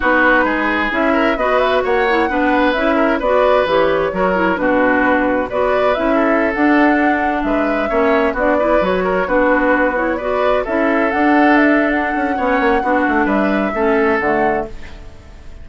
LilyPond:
<<
  \new Staff \with { instrumentName = "flute" } { \time 4/4 \tempo 4 = 131 b'2 e''4 dis''8 e''8 | fis''2 e''4 d''4 | cis''2 b'2 | d''4 e''4~ e''16 fis''4.~ fis''16~ |
fis''16 e''2 d''4 cis''8.~ | cis''16 b'4. cis''8 d''4 e''8.~ | e''16 fis''4 e''8. fis''2~ | fis''4 e''2 fis''4 | }
  \new Staff \with { instrumentName = "oboe" } { \time 4/4 fis'4 gis'4. ais'8 b'4 | cis''4 b'4. ais'8 b'4~ | b'4 ais'4 fis'2 | b'4. a'2~ a'8~ |
a'16 b'4 cis''4 fis'8 b'4 ais'16~ | ais'16 fis'2 b'4 a'8.~ | a'2. cis''4 | fis'4 b'4 a'2 | }
  \new Staff \with { instrumentName = "clarinet" } { \time 4/4 dis'2 e'4 fis'4~ | fis'8 e'8 d'4 e'4 fis'4 | g'4 fis'8 e'8 d'2 | fis'4 e'4~ e'16 d'4.~ d'16~ |
d'4~ d'16 cis'4 d'8 e'8 fis'8.~ | fis'16 d'4. e'8 fis'4 e'8.~ | e'16 d'2~ d'8. cis'4 | d'2 cis'4 a4 | }
  \new Staff \with { instrumentName = "bassoon" } { \time 4/4 b4 gis4 cis'4 b4 | ais4 b4 cis'4 b4 | e4 fis4 b,2 | b4 cis'4~ cis'16 d'4.~ d'16~ |
d'16 gis4 ais4 b4 fis8.~ | fis16 b2. cis'8.~ | cis'16 d'2~ d'16 cis'8 b8 ais8 | b8 a8 g4 a4 d4 | }
>>